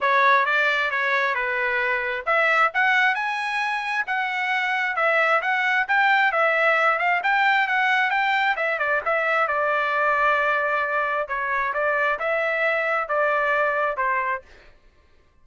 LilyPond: \new Staff \with { instrumentName = "trumpet" } { \time 4/4 \tempo 4 = 133 cis''4 d''4 cis''4 b'4~ | b'4 e''4 fis''4 gis''4~ | gis''4 fis''2 e''4 | fis''4 g''4 e''4. f''8 |
g''4 fis''4 g''4 e''8 d''8 | e''4 d''2.~ | d''4 cis''4 d''4 e''4~ | e''4 d''2 c''4 | }